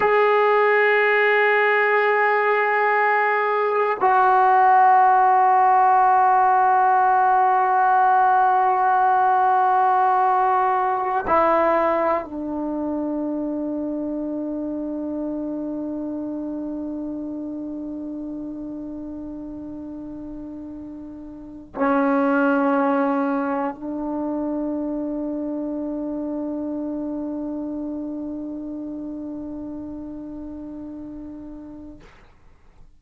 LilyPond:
\new Staff \with { instrumentName = "trombone" } { \time 4/4 \tempo 4 = 60 gis'1 | fis'1~ | fis'2.~ fis'16 e'8.~ | e'16 d'2.~ d'8.~ |
d'1~ | d'4.~ d'16 cis'2 d'16~ | d'1~ | d'1 | }